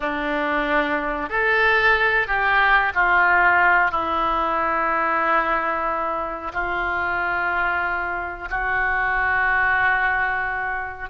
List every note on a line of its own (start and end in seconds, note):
0.00 1.29 D4
1.29 2.27 A4
2.27 2.92 G4
2.94 3.91 F4
3.91 6.52 E4
6.53 8.48 F4
8.50 11.09 F#4